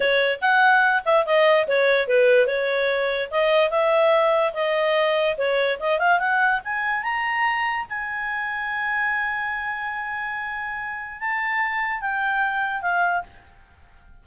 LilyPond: \new Staff \with { instrumentName = "clarinet" } { \time 4/4 \tempo 4 = 145 cis''4 fis''4. e''8 dis''4 | cis''4 b'4 cis''2 | dis''4 e''2 dis''4~ | dis''4 cis''4 dis''8 f''8 fis''4 |
gis''4 ais''2 gis''4~ | gis''1~ | gis''2. a''4~ | a''4 g''2 f''4 | }